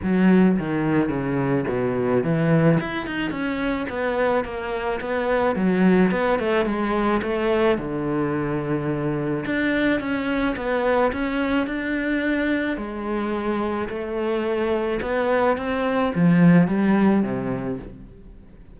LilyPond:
\new Staff \with { instrumentName = "cello" } { \time 4/4 \tempo 4 = 108 fis4 dis4 cis4 b,4 | e4 e'8 dis'8 cis'4 b4 | ais4 b4 fis4 b8 a8 | gis4 a4 d2~ |
d4 d'4 cis'4 b4 | cis'4 d'2 gis4~ | gis4 a2 b4 | c'4 f4 g4 c4 | }